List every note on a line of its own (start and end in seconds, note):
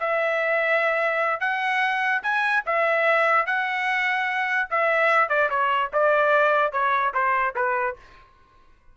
0.00 1.41 E5
1.41 2.22 F#5
2.23 2.64 G#5
2.66 3.46 E5
3.46 4.69 F#5
4.71 5.29 E5
5.29 5.50 D5
5.50 5.91 C#5
5.93 6.72 D5
6.72 7.13 C#5
7.14 7.55 C5
7.56 7.97 B4